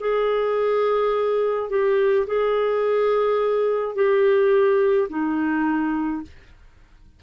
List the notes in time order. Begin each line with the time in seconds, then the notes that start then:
0.00 G#4
1.70 G4
2.27 G#4
3.95 G4
5.09 D#4